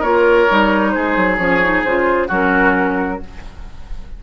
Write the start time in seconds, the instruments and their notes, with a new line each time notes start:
0.00 bassoon A#3, clarinet F4, oboe A#4, flute C#5
0.49 bassoon G3, clarinet D#4
0.91 bassoon G#3, oboe G#4, flute C5
1.17 bassoon F#3
1.38 bassoon F3, clarinet C#4, flute C#5
1.63 clarinet D#4
1.84 bassoon C#3, clarinet F4, flute C5
2.28 bassoon F#3, clarinet C#4, oboe F#4, flute A#4